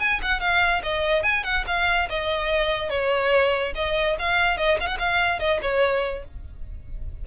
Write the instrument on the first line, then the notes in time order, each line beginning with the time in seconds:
violin
0.00 G#5
0.23 F#5
0.41 F5
0.83 D#5
1.23 G#5
1.44 F#5
1.67 F5
2.10 D#5
2.90 C#5
3.75 D#5
4.19 F5
4.58 D#5
4.80 F5
4.87 F#5
4.99 F5
5.40 D#5
5.62 C#5